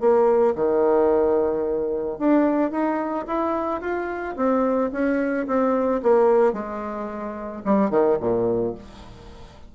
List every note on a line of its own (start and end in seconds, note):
0.00 0.55 A#3
0.56 2.19 D#3
2.19 2.71 D4
2.71 3.26 D#4
3.27 3.81 E4
3.81 4.35 F4
4.36 4.91 C4
4.92 5.47 C#4
5.47 6.01 C4
6.02 6.53 A#3
6.53 7.62 G#3
7.65 7.90 G3
7.90 8.17 D#3
8.20 8.75 A#2